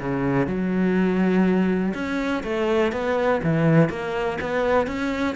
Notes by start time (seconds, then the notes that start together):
0.00 C#3
0.47 F#3
1.94 C#4
2.44 A3
2.92 B3
3.44 E3
3.90 A#3
4.41 B3
4.87 C#4